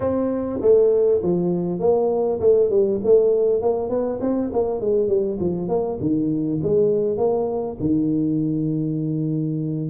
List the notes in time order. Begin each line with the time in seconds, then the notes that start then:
0.00 C4
0.61 A3
1.22 F3
1.79 A#3
2.40 A3
2.69 G3
3.04 A3
3.61 A#3
3.89 B3
4.20 C4
4.52 A#3
4.80 G#3
5.08 G3
5.39 F3
5.68 A#3
6.00 D#3
6.62 G#3
7.17 A#3
7.80 D#3